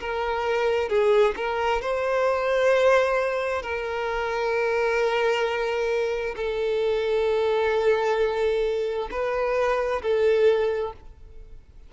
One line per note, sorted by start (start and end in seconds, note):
0.00 0.89 A#4
0.89 1.35 G#4
1.36 1.81 A#4
1.81 3.62 C5
3.62 6.35 A#4
6.36 9.09 A4
9.11 10.02 B4
10.02 10.93 A4